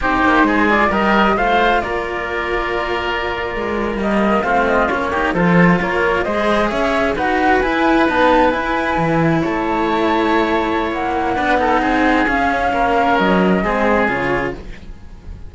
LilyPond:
<<
  \new Staff \with { instrumentName = "flute" } { \time 4/4 \tempo 4 = 132 c''4. d''8 dis''4 f''4 | d''1~ | d''8. dis''4 f''8 dis''8 cis''4 c''16~ | c''8. cis''4 dis''4 e''4 fis''16~ |
fis''8. gis''4 a''4 gis''4~ gis''16~ | gis''8. a''2.~ a''16 | fis''2. f''4~ | f''4 dis''2 cis''4 | }
  \new Staff \with { instrumentName = "oboe" } { \time 4/4 g'4 gis'4 ais'4 c''4 | ais'1~ | ais'4.~ ais'16 f'4. g'8 a'16~ | a'8. ais'4 c''4 cis''4 b'16~ |
b'1~ | b'8. cis''2.~ cis''16~ | cis''4 b'8 a'8 gis'2 | ais'2 gis'2 | }
  \new Staff \with { instrumentName = "cello" } { \time 4/4 dis'4. f'8 g'4 f'4~ | f'1~ | f'8. ais4 c'4 cis'8 dis'8 f'16~ | f'4.~ f'16 gis'2 fis'16~ |
fis'8. e'4 b4 e'4~ e'16~ | e'1~ | e'4 d'8 dis'4. cis'4~ | cis'2 c'4 f'4 | }
  \new Staff \with { instrumentName = "cello" } { \time 4/4 c'8 ais8 gis4 g4 a4 | ais2.~ ais8. gis16~ | gis8. g4 a4 ais4 f16~ | f8. ais4 gis4 cis'4 dis'16~ |
dis'8. e'4 dis'4 e'4 e16~ | e8. a2.~ a16 | ais4 b4 c'4 cis'4 | ais4 fis4 gis4 cis4 | }
>>